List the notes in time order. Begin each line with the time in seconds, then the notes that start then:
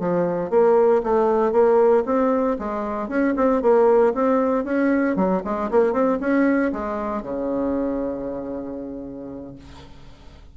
0.00 F3
0.51 A#3
1.03 A3
1.52 A#3
2.06 C4
2.59 G#3
3.09 C#4
3.37 C4
3.63 A#3
4.14 C4
4.65 C#4
5.17 F#3
5.45 G#3
5.71 A#3
5.93 C4
6.21 C#4
6.73 G#3
7.23 C#3